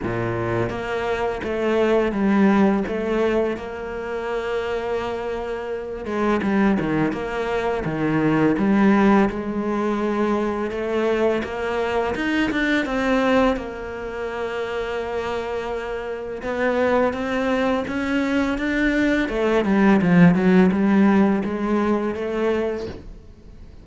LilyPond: \new Staff \with { instrumentName = "cello" } { \time 4/4 \tempo 4 = 84 ais,4 ais4 a4 g4 | a4 ais2.~ | ais8 gis8 g8 dis8 ais4 dis4 | g4 gis2 a4 |
ais4 dis'8 d'8 c'4 ais4~ | ais2. b4 | c'4 cis'4 d'4 a8 g8 | f8 fis8 g4 gis4 a4 | }